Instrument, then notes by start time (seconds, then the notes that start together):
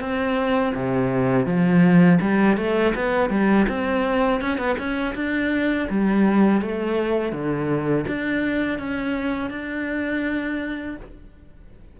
cello
0.00 C4
0.75 C3
1.46 F3
2.21 G3
2.57 A3
2.95 B3
3.30 G3
3.68 C4
4.41 C#4
4.58 B3
4.78 C#4
5.15 D4
5.89 G3
6.61 A3
7.32 D3
8.07 D4
8.78 C#4
9.50 D4